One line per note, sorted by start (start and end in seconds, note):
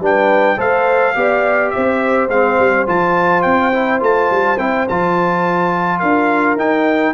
0.00 0.57 G3
0.00 0.57 D4
0.00 0.57 B4
0.00 0.60 G5
0.57 1.15 A3
0.57 1.14 A4
0.57 1.14 C5
0.57 1.71 F5
1.15 1.73 B3
1.15 2.29 G4
1.15 1.74 D5
1.71 2.28 C4
1.71 5.99 C5
1.71 2.28 E5
2.28 2.57 G#3
2.28 2.87 C4
2.28 2.87 F5
2.59 2.87 G3
2.87 3.45 F3
2.87 3.72 F4
2.87 3.42 A5
3.42 4.01 C4
3.42 3.99 G5
3.73 4.00 E4
4.00 4.30 A3
4.00 4.57 F4
4.00 4.58 A5
4.31 4.59 G3
4.58 4.87 C4
4.58 4.87 E4
4.58 4.87 G5
4.88 6.02 F3
4.88 6.58 F4
4.88 5.99 A5
5.99 6.56 D4
5.99 7.13 A#4
5.99 6.56 F5
6.56 7.13 D#4
6.56 7.14 D#4
6.56 7.14 G5